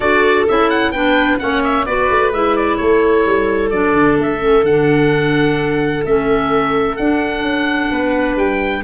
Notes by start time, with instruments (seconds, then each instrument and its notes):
0.00 tuba D4, clarinet F#4, viola A4, oboe D5
0.48 tuba C#4, clarinet E4, oboe E5
0.69 oboe F#5
0.91 tuba B3, clarinet D4, viola B4, oboe G5
1.39 tuba A#3, clarinet C#4, viola C#5, oboe F#5
1.63 oboe E5
1.85 tuba B3, clarinet F#4, viola B4, oboe D5
2.09 tuba A3
2.31 tuba G#3, clarinet E4, oboe E5
2.56 oboe D5
2.76 tuba A3, viola A4, oboe C#5
3.25 tuba G3
3.70 tuba F#3, clarinet D4, oboe D5
3.93 tuba D3
4.19 tuba A3, oboe E5
4.38 clarinet C#4
4.62 tuba D3, oboe F#5
4.69 clarinet D4
6.05 tuba A3, clarinet C#4, oboe E5
6.96 clarinet D4, tuba D4, oboe F#5
7.41 tuba C#4
7.91 tuba B3, viola B4
8.35 tuba G3, oboe G5